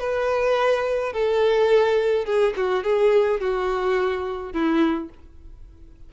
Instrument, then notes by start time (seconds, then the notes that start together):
violin
0.00 B4
1.13 A4
2.25 G#4
2.57 F#4
2.84 G#4
3.40 F#4
4.53 E4